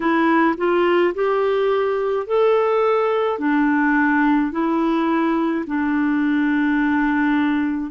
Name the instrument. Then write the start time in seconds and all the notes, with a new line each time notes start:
clarinet
0.00 E4
0.57 F4
1.14 G4
2.26 A4
3.38 D4
4.51 E4
5.67 D4